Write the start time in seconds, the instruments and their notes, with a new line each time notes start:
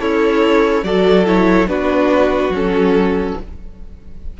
0.00 cello C#4, violin E4 C#5, viola A4
0.83 cello F#3, viola F#4, violin A4 D5
1.26 viola E4, violin C#5
1.68 cello B3, viola D4, violin F#4 B4
2.49 cello F#3, viola C#4
2.56 violin A4